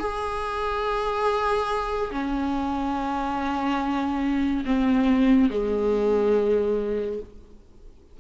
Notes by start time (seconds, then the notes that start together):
0.00 G#4
2.12 C#4
4.66 C4
5.50 G#3